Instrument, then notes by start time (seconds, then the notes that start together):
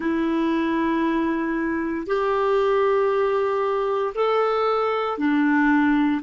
clarinet
0.00 E4
2.06 G4
4.14 A4
5.17 D4